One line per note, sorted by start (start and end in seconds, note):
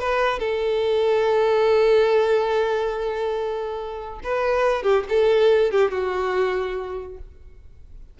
0.00 0.40 B4
0.40 4.20 A4
4.24 4.83 B4
4.83 5.04 G4
5.09 5.71 A4
5.71 5.92 G4
5.92 7.18 F#4